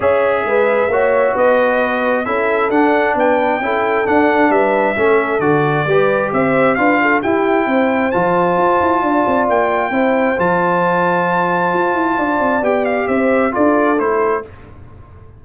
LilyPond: <<
  \new Staff \with { instrumentName = "trumpet" } { \time 4/4 \tempo 4 = 133 e''2. dis''4~ | dis''4 e''4 fis''4 g''4~ | g''4 fis''4 e''2 | d''2 e''4 f''4 |
g''2 a''2~ | a''4 g''2 a''4~ | a''1 | g''8 f''8 e''4 d''4 c''4 | }
  \new Staff \with { instrumentName = "horn" } { \time 4/4 cis''4 b'4 cis''4 b'4~ | b'4 a'2 b'4 | a'2 b'4 a'4~ | a'4 b'4 c''4 b'8 a'8 |
g'4 c''2. | d''2 c''2~ | c''2. d''4~ | d''4 c''4 a'2 | }
  \new Staff \with { instrumentName = "trombone" } { \time 4/4 gis'2 fis'2~ | fis'4 e'4 d'2 | e'4 d'2 cis'4 | fis'4 g'2 f'4 |
e'2 f'2~ | f'2 e'4 f'4~ | f'1 | g'2 f'4 e'4 | }
  \new Staff \with { instrumentName = "tuba" } { \time 4/4 cis'4 gis4 ais4 b4~ | b4 cis'4 d'4 b4 | cis'4 d'4 g4 a4 | d4 g4 c'4 d'4 |
e'4 c'4 f4 f'8 e'8 | d'8 c'8 ais4 c'4 f4~ | f2 f'8 e'8 d'8 c'8 | b4 c'4 d'4 a4 | }
>>